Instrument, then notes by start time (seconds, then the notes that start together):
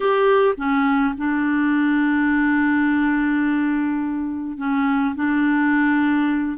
clarinet
0.00 G4
0.57 C#4
1.17 D4
4.57 C#4
5.15 D4